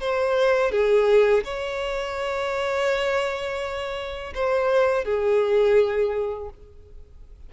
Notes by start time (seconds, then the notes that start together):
0.00 C5
0.71 G#4
1.44 C#5
4.34 C5
5.04 G#4